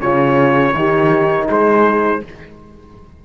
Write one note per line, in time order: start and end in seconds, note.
0.00 0.74 C#3
0.00 0.75 C#4
0.00 0.76 F4
0.00 1.48 C#5
0.74 1.48 D#3
0.74 2.24 D#4
0.74 1.48 G4
1.48 2.23 G#3
1.48 2.22 G#4
1.48 2.25 C5